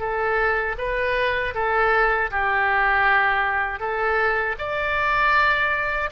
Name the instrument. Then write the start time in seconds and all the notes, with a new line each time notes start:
oboe
0.00 A4
0.78 B4
1.55 A4
2.31 G4
3.80 A4
4.59 D5